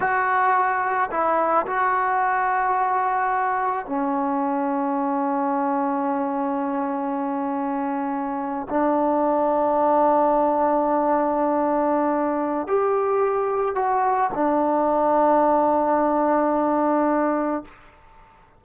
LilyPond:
\new Staff \with { instrumentName = "trombone" } { \time 4/4 \tempo 4 = 109 fis'2 e'4 fis'4~ | fis'2. cis'4~ | cis'1~ | cis'2.~ cis'8. d'16~ |
d'1~ | d'2. g'4~ | g'4 fis'4 d'2~ | d'1 | }